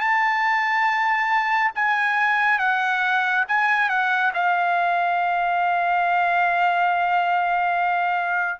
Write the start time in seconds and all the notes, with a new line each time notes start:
0.00 A5
1.75 G#5
2.58 F#5
3.48 G#5
3.89 F#5
4.34 F5